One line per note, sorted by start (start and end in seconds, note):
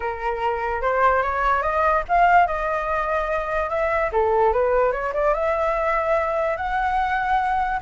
0.00 0.81 A#4
0.81 1.22 C5
1.22 1.62 C#5
1.62 2.03 D#5
2.08 2.47 F5
2.47 3.69 D#5
3.69 4.10 E5
4.12 4.52 A4
4.52 4.92 B4
4.92 5.12 C#5
5.13 5.33 D5
5.33 6.56 E5
6.56 7.80 F#5